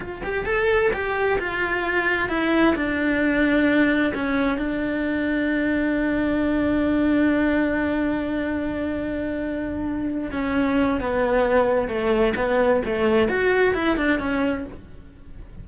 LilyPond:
\new Staff \with { instrumentName = "cello" } { \time 4/4 \tempo 4 = 131 f'8 g'8 a'4 g'4 f'4~ | f'4 e'4 d'2~ | d'4 cis'4 d'2~ | d'1~ |
d'1~ | d'2~ d'8 cis'4. | b2 a4 b4 | a4 fis'4 e'8 d'8 cis'4 | }